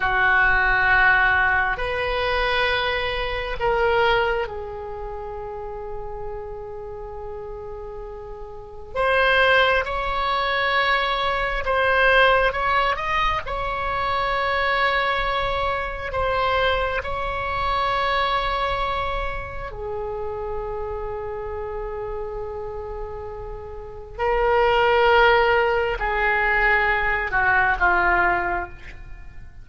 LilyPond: \new Staff \with { instrumentName = "oboe" } { \time 4/4 \tempo 4 = 67 fis'2 b'2 | ais'4 gis'2.~ | gis'2 c''4 cis''4~ | cis''4 c''4 cis''8 dis''8 cis''4~ |
cis''2 c''4 cis''4~ | cis''2 gis'2~ | gis'2. ais'4~ | ais'4 gis'4. fis'8 f'4 | }